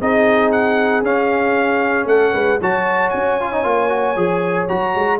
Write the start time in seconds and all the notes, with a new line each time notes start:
0.00 C4 D#4 G#4 D#5
0.52 F#5
1.02 C#4 F5
2.05 A3 A4 F#5
2.33 G#3 B4
2.61 F#3 F#4 C#5 A5
3.10 C#4 G#5
3.40 F4
3.52 D#4
3.63 A#3 F4
3.89 F#4
4.16 F3 G#4
4.68 F#3 F#4 A#5
4.95 G#3